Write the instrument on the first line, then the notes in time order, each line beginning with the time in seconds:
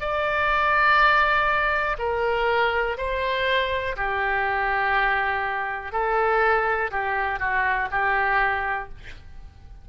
oboe
0.00 D5
1.99 A#4
2.98 C5
3.97 G4
5.92 A4
6.91 G4
7.39 F#4
7.91 G4